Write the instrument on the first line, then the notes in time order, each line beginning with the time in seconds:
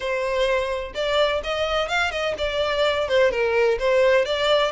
violin
0.00 C5
0.94 D5
1.43 D#5
1.88 F5
2.11 D#5
2.38 D5
3.08 C5
3.31 A#4
3.79 C5
4.25 D5